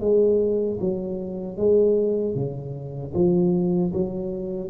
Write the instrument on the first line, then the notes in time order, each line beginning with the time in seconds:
tuba
0.00 G#3
0.80 F#3
1.57 G#3
2.35 C#3
3.14 F3
3.92 F#3